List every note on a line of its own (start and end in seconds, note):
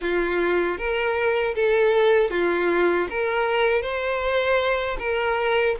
0.01 0.77 F4
0.77 1.54 A#4
1.55 2.30 A4
2.30 3.07 F4
3.10 3.81 A#4
3.81 4.97 C5
4.99 5.76 A#4